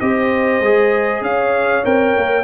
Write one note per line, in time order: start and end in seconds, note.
0.00 0.60 C4
0.00 0.62 G4
0.00 1.25 C5
0.00 1.22 D#5
0.60 1.21 G#3
0.60 1.84 G#4
1.21 1.83 C#4
1.21 2.44 C#5
1.21 1.85 F5
1.84 2.16 C4
1.84 2.44 A#4
1.84 2.44 G5
2.17 2.44 A#3